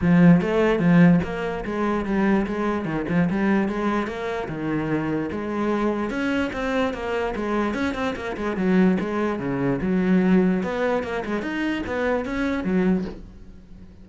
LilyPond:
\new Staff \with { instrumentName = "cello" } { \time 4/4 \tempo 4 = 147 f4 a4 f4 ais4 | gis4 g4 gis4 dis8 f8 | g4 gis4 ais4 dis4~ | dis4 gis2 cis'4 |
c'4 ais4 gis4 cis'8 c'8 | ais8 gis8 fis4 gis4 cis4 | fis2 b4 ais8 gis8 | dis'4 b4 cis'4 fis4 | }